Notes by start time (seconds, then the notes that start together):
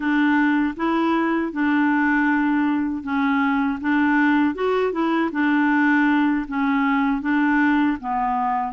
0.00 D4
0.76 E4
1.52 D4
3.03 C#4
3.80 D4
4.54 F#4
4.92 E4
5.32 D4
6.48 C#4
7.21 D4
8.00 B3